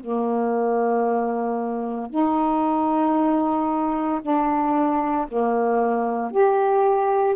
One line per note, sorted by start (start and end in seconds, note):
0.00 2.10 A#3
2.10 4.21 D#4
4.22 5.27 D4
5.28 6.31 A#3
6.31 7.36 G4